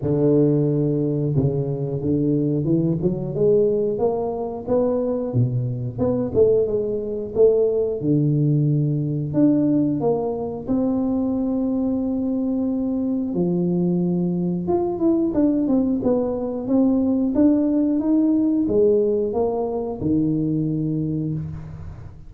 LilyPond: \new Staff \with { instrumentName = "tuba" } { \time 4/4 \tempo 4 = 90 d2 cis4 d4 | e8 fis8 gis4 ais4 b4 | b,4 b8 a8 gis4 a4 | d2 d'4 ais4 |
c'1 | f2 f'8 e'8 d'8 c'8 | b4 c'4 d'4 dis'4 | gis4 ais4 dis2 | }